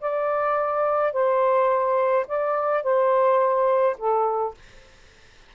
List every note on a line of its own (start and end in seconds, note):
0.00 1.12 D5
1.12 2.26 C5
2.27 2.83 D5
2.83 3.96 C5
3.98 4.54 A4